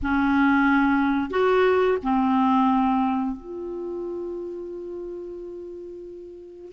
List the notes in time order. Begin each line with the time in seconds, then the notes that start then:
0.02 C#4
1.30 F#4
2.03 C4
3.36 F4